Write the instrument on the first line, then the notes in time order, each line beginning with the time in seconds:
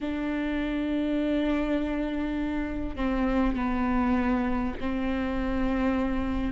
viola
0.00 D4
2.96 C4
3.55 B3
4.80 C4